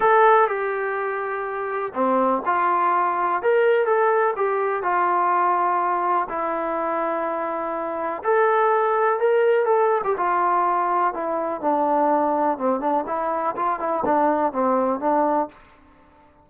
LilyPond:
\new Staff \with { instrumentName = "trombone" } { \time 4/4 \tempo 4 = 124 a'4 g'2. | c'4 f'2 ais'4 | a'4 g'4 f'2~ | f'4 e'2.~ |
e'4 a'2 ais'4 | a'8. g'16 f'2 e'4 | d'2 c'8 d'8 e'4 | f'8 e'8 d'4 c'4 d'4 | }